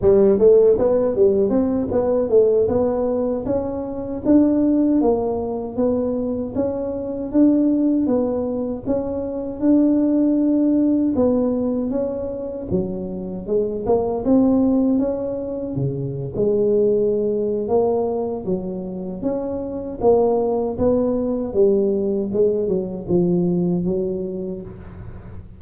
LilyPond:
\new Staff \with { instrumentName = "tuba" } { \time 4/4 \tempo 4 = 78 g8 a8 b8 g8 c'8 b8 a8 b8~ | b8 cis'4 d'4 ais4 b8~ | b8 cis'4 d'4 b4 cis'8~ | cis'8 d'2 b4 cis'8~ |
cis'8 fis4 gis8 ais8 c'4 cis'8~ | cis'8 cis8. gis4.~ gis16 ais4 | fis4 cis'4 ais4 b4 | g4 gis8 fis8 f4 fis4 | }